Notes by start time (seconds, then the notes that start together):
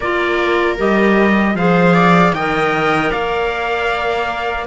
0.00 A#3 F4 A#4 D5
0.77 G3 G4 D#5
1.55 F3 G#4 C5 F5
1.94 D5
2.32 D#3 A#4 D#5 G5
3.09 A#3 D5 F5